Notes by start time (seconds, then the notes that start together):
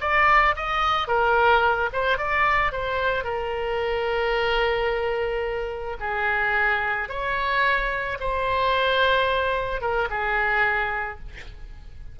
0.00 D5
0.56 D#5
1.07 A#4
1.92 C5
2.17 D5
2.72 C5
3.24 A#4
6.00 G#4
7.08 C#5
8.20 C5
9.81 A#4
10.10 G#4